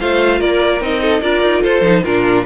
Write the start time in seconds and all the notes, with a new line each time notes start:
0.00 A3 F4 C5 F5
0.39 A#3 A#4 D5
0.80 C4 D#4 D#5
1.02 A4
1.22 D4 F4 A#4 D5
1.42 D#4
1.62 F4 A4 C5
1.81 F3 D#4
2.04 A#2 D4 F4 A#4